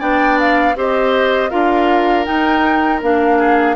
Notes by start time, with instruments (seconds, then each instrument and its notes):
0.00 bassoon B3, clarinet D4, oboe D5, flute G5
0.40 flute F5
0.76 bassoon C4, clarinet G4, oboe C5, flute D#5
1.50 bassoon D4, clarinet F4, oboe A#4, flute F5
2.25 clarinet D#4, bassoon D#4, flute G5
3.03 bassoon A#3, clarinet D4, flute F5
3.39 oboe G#4